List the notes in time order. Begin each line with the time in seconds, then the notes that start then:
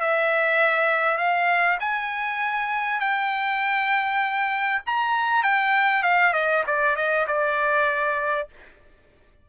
0.00 E5
1.17 F5
1.79 G#5
2.99 G5
4.86 A#5
5.43 G5
6.02 F5
6.33 D#5
6.66 D5
6.96 D#5
7.27 D5